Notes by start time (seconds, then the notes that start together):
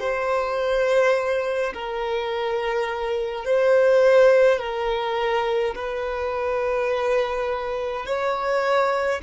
0.00 C5
1.74 A#4
3.46 C5
4.59 A#4
5.75 B4
8.06 C#5